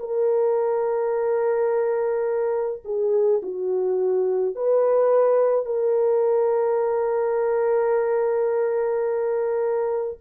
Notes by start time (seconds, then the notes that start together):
0.00 A#4
2.85 G#4
3.43 F#4
4.55 B4
5.66 A#4